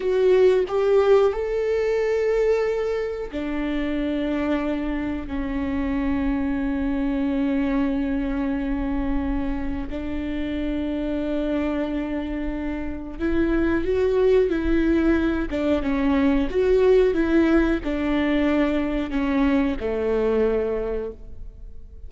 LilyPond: \new Staff \with { instrumentName = "viola" } { \time 4/4 \tempo 4 = 91 fis'4 g'4 a'2~ | a'4 d'2. | cis'1~ | cis'2. d'4~ |
d'1 | e'4 fis'4 e'4. d'8 | cis'4 fis'4 e'4 d'4~ | d'4 cis'4 a2 | }